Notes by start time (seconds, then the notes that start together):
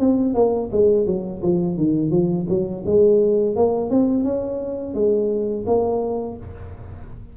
0.00 C4
0.34 A#3
0.72 G#3
1.07 F#3
1.42 F3
1.77 D#3
2.11 F3
2.48 F#3
2.86 G#3
3.56 A#3
3.90 C4
4.24 C#4
4.94 G#3
5.67 A#3